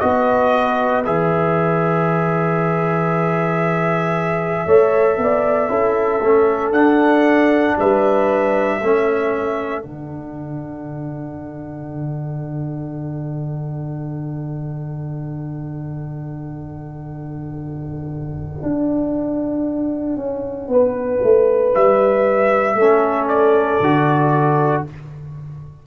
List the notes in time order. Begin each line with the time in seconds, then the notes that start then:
0.00 B3 F#4 B4 D#5
1.05 E3 G#4 E5
4.66 A3 A4 C#5
5.18 B3 D5
5.69 C#4 E4 A4
6.21 A3 C#4
6.72 D4 F#5
7.79 G3 B4 E5
8.81 A3 C#4 A4
9.83 D3 D4 F#5
18.63 D4
20.17 C#4
20.68 B3 B4
21.23 A3
21.75 G3 E5
22.75 A3 C#4 A4
23.28 D5
23.81 D3 F#4